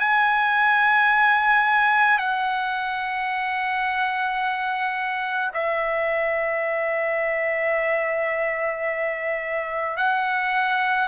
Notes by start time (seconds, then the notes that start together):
0.00 G#5
2.18 F#5
5.54 E5
9.97 F#5